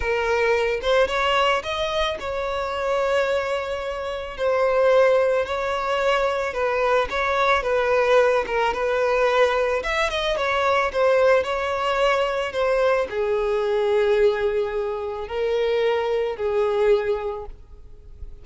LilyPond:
\new Staff \with { instrumentName = "violin" } { \time 4/4 \tempo 4 = 110 ais'4. c''8 cis''4 dis''4 | cis''1 | c''2 cis''2 | b'4 cis''4 b'4. ais'8 |
b'2 e''8 dis''8 cis''4 | c''4 cis''2 c''4 | gis'1 | ais'2 gis'2 | }